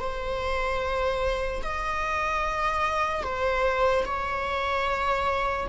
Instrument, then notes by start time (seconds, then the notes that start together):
viola
0.00 C5
1.63 D#5
3.23 C5
4.05 C#5